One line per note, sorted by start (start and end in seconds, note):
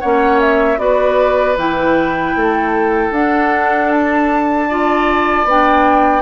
0.00 0.77 A#3
0.00 0.77 C#4
0.00 0.78 C#5
0.00 0.39 F#5
0.40 0.79 E5
0.77 1.55 B3
0.77 1.55 F#4
0.77 2.36 B4
0.77 1.56 D5
1.56 2.34 E3
1.56 3.13 E4
1.56 3.14 G5
2.36 3.10 A3
2.36 4.68 A4
3.10 5.44 D4
3.10 4.69 D4
3.10 3.91 F#5
3.91 5.47 A5
4.68 5.47 F4
4.68 6.22 D5
5.44 6.22 B3
5.44 6.22 D4
5.44 6.22 G5